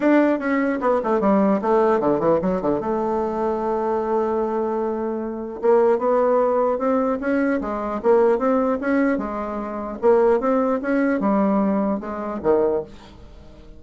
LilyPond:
\new Staff \with { instrumentName = "bassoon" } { \time 4/4 \tempo 4 = 150 d'4 cis'4 b8 a8 g4 | a4 d8 e8 fis8 d8 a4~ | a1~ | a2 ais4 b4~ |
b4 c'4 cis'4 gis4 | ais4 c'4 cis'4 gis4~ | gis4 ais4 c'4 cis'4 | g2 gis4 dis4 | }